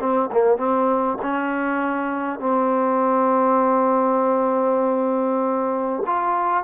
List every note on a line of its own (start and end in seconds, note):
0.00 0.30 C4
0.32 0.58 A#3
0.58 1.18 C4
1.22 2.40 C#4
2.40 6.03 C4
6.07 6.64 F4